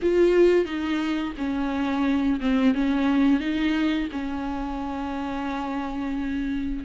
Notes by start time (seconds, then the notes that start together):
0.02 F4
0.65 D#4
1.37 C#4
2.40 C4
2.74 C#4
3.40 D#4
4.12 C#4